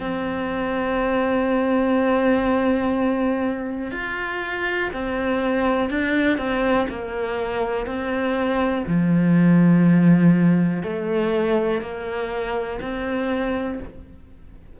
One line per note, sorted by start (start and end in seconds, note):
0.00 3.92 C4
3.92 4.90 F4
4.93 5.90 C4
5.90 6.38 D4
6.38 6.87 C4
6.89 7.86 A#3
7.86 8.85 C4
8.87 10.83 F3
10.83 11.82 A3
11.82 12.80 A#3
12.81 13.80 C4